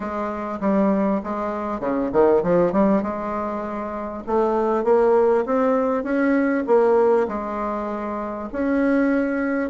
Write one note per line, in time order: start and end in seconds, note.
0.00 0.59 G#3
0.60 1.21 G3
1.23 1.80 G#3
1.80 2.10 C#3
2.12 2.42 D#3
2.43 2.72 F3
2.72 3.02 G3
3.02 4.23 G#3
4.26 4.84 A3
4.84 5.44 A#3
5.45 6.03 C4
6.03 6.64 C#4
6.66 7.27 A#3
7.28 8.49 G#3
8.52 9.70 C#4